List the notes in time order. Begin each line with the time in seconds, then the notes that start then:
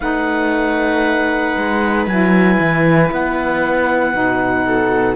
0.00 A3 D#4 B4 F#5
1.56 G#3
2.06 F#3 E4 G#5
2.59 E3
3.11 B3 F#5
4.12 B2 D#4
4.66 A4